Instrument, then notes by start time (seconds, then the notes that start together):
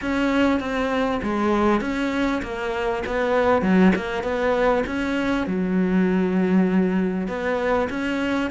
cello
0.01 C#4
0.60 C4
1.22 G#3
1.80 C#4
2.42 A#3
3.06 B3
3.62 F#3
3.95 A#3
4.23 B3
4.86 C#4
5.46 F#3
7.27 B3
7.89 C#4